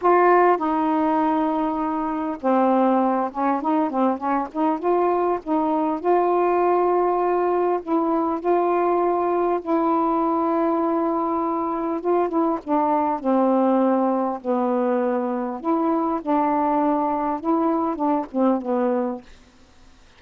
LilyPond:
\new Staff \with { instrumentName = "saxophone" } { \time 4/4 \tempo 4 = 100 f'4 dis'2. | c'4. cis'8 dis'8 c'8 cis'8 dis'8 | f'4 dis'4 f'2~ | f'4 e'4 f'2 |
e'1 | f'8 e'8 d'4 c'2 | b2 e'4 d'4~ | d'4 e'4 d'8 c'8 b4 | }